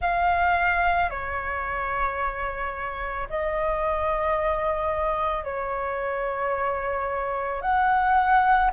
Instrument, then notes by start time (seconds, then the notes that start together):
flute
0.01 F5
1.10 C#5
3.29 D#5
5.43 C#5
7.61 F#5